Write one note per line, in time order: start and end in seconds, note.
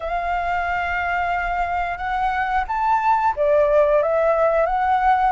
0.00 1.97 F5
1.97 2.64 F#5
2.67 3.34 A5
3.36 4.02 D5
4.02 4.66 E5
4.66 5.32 F#5